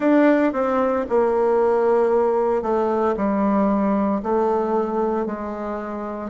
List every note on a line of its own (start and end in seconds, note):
0.00 0.53 D4
0.53 1.05 C4
1.09 2.62 A#3
2.62 3.14 A3
3.16 4.22 G3
4.22 5.26 A3
5.26 6.30 G#3